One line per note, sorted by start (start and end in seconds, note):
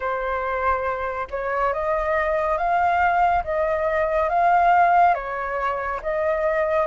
0.00 1.27 C5
1.30 1.73 C#5
1.73 2.57 D#5
2.57 3.43 F5
3.44 4.29 D#5
4.29 5.14 F5
5.14 6.00 C#5
6.02 6.86 D#5